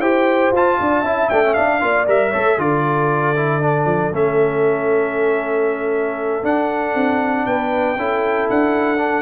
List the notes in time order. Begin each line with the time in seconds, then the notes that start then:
0.00 E4 G4 C5 G5
0.52 F4 A5
0.80 D4 D5
1.01 C#4 E4 E5
1.30 A3 D4 G5
1.44 C#4
1.54 D4 F5
1.81 A#3 F4 D5
2.07 G3 A#4 E5
2.30 A3 A4 C#5
2.58 D3 F4 A4 D5
3.36 E4
3.61 D4
3.85 F3
4.12 A3 C#4 E5
6.43 D4 F#5
6.95 C4
7.46 B3 B4 G5
7.97 C#4 E4 A4
8.50 D4 F#5
8.98 D4